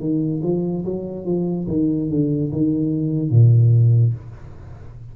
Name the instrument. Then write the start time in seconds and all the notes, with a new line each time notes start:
tuba
0.00 D#3
0.43 F3
0.85 F#3
1.26 F3
1.68 D#3
2.10 D3
2.53 D#3
3.31 A#2